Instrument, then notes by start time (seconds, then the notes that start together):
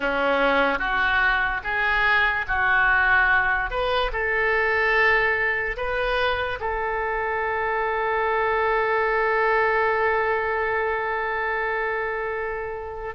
oboe
0.00 C#4
0.78 F#4
1.63 G#4
2.47 F#4
3.70 B4
4.12 A4
5.76 B4
6.59 A4